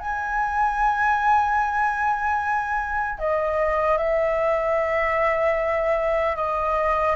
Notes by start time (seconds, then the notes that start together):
0.00 G#5
3.19 D#5
3.98 E5
6.37 D#5